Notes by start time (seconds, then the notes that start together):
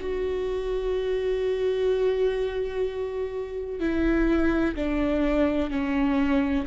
0.00 F#4
3.80 E4
4.75 D4
5.70 C#4